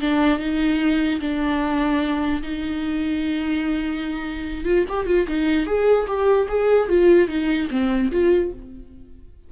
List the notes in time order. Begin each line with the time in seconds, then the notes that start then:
0.00 D4
0.39 D#4
1.20 D4
2.42 D#4
4.64 F4
4.88 G4
5.06 F4
5.27 D#4
5.66 G#4
6.07 G4
6.48 G#4
6.88 F4
7.28 D#4
7.70 C4
8.11 F4